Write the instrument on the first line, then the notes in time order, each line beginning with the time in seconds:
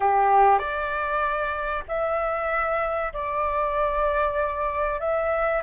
flute
0.00 G4
0.58 D5
1.88 E5
3.13 D5
5.00 E5